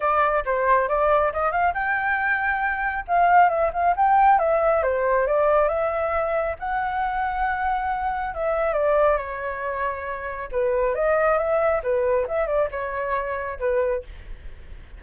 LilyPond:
\new Staff \with { instrumentName = "flute" } { \time 4/4 \tempo 4 = 137 d''4 c''4 d''4 dis''8 f''8 | g''2. f''4 | e''8 f''8 g''4 e''4 c''4 | d''4 e''2 fis''4~ |
fis''2. e''4 | d''4 cis''2. | b'4 dis''4 e''4 b'4 | e''8 d''8 cis''2 b'4 | }